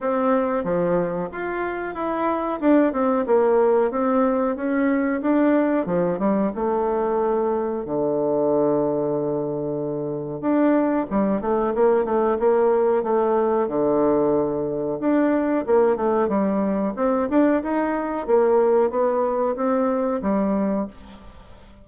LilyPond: \new Staff \with { instrumentName = "bassoon" } { \time 4/4 \tempo 4 = 92 c'4 f4 f'4 e'4 | d'8 c'8 ais4 c'4 cis'4 | d'4 f8 g8 a2 | d1 |
d'4 g8 a8 ais8 a8 ais4 | a4 d2 d'4 | ais8 a8 g4 c'8 d'8 dis'4 | ais4 b4 c'4 g4 | }